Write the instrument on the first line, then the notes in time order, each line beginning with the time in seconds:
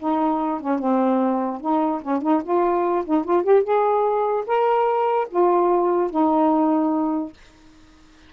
saxophone
0.00 D#4
0.61 C#4
0.79 C4
1.61 D#4
2.02 C#4
2.22 D#4
2.44 F4
3.05 D#4
3.25 F4
3.44 G4
3.64 G#4
4.47 A#4
5.30 F4
6.11 D#4